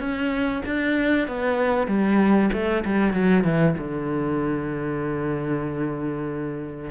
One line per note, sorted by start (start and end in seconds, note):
0.00 0.62 C#4
0.66 1.28 D4
1.28 1.88 B3
1.88 2.50 G3
2.53 2.85 A3
2.85 3.14 G3
3.14 3.44 F#3
3.44 3.76 E3
3.78 6.91 D3